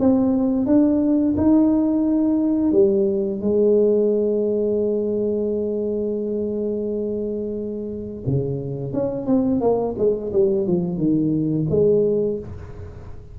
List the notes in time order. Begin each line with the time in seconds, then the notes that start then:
0.00 C4
0.66 D4
1.37 D#4
2.72 G3
3.41 G#3
8.26 C#3
8.93 C#4
9.26 C4
9.61 A#3
9.98 G#3
10.32 G3
10.67 F3
10.97 D#3
11.70 G#3